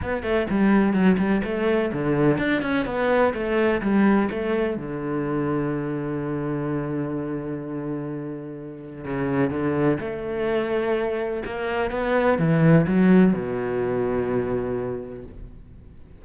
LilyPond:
\new Staff \with { instrumentName = "cello" } { \time 4/4 \tempo 4 = 126 b8 a8 g4 fis8 g8 a4 | d4 d'8 cis'8 b4 a4 | g4 a4 d2~ | d1~ |
d2. cis4 | d4 a2. | ais4 b4 e4 fis4 | b,1 | }